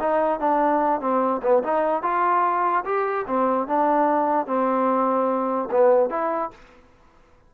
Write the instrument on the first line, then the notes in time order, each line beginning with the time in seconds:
trombone
0.00 D#4
0.40 D4
1.01 C4
1.42 B3
1.63 D#4
2.03 F4
2.85 G4
3.27 C4
3.68 D4
4.47 C4
5.71 B3
6.10 E4